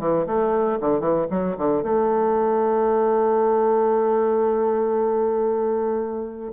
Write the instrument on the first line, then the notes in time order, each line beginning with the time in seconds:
bassoon
0.00 E3
0.27 A3
0.81 D3
1.00 E3
1.31 F#3
1.58 D3
1.83 A3